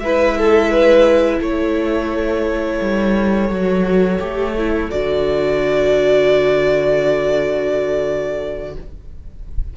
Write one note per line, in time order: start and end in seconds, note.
0.00 1.40 G#3
0.00 3.51 E4
0.00 0.38 B4
0.00 1.40 E5
0.38 0.71 A4
0.71 1.40 B4
1.40 2.80 A3
1.40 8.73 A4
1.40 4.90 C#5
2.81 3.49 G3
3.49 4.19 F#3
3.49 4.19 F#4
4.19 4.90 A3
4.19 4.54 G4
4.57 4.91 E4
4.90 8.77 D3
4.90 8.75 F#4
4.90 8.74 D5